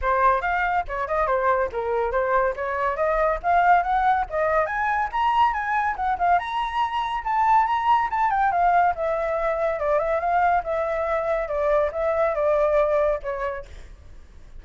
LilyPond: \new Staff \with { instrumentName = "flute" } { \time 4/4 \tempo 4 = 141 c''4 f''4 cis''8 dis''8 c''4 | ais'4 c''4 cis''4 dis''4 | f''4 fis''4 dis''4 gis''4 | ais''4 gis''4 fis''8 f''8 ais''4~ |
ais''4 a''4 ais''4 a''8 g''8 | f''4 e''2 d''8 e''8 | f''4 e''2 d''4 | e''4 d''2 cis''4 | }